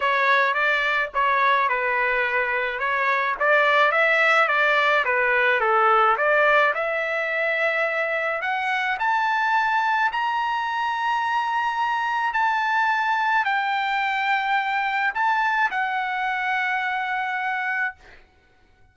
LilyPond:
\new Staff \with { instrumentName = "trumpet" } { \time 4/4 \tempo 4 = 107 cis''4 d''4 cis''4 b'4~ | b'4 cis''4 d''4 e''4 | d''4 b'4 a'4 d''4 | e''2. fis''4 |
a''2 ais''2~ | ais''2 a''2 | g''2. a''4 | fis''1 | }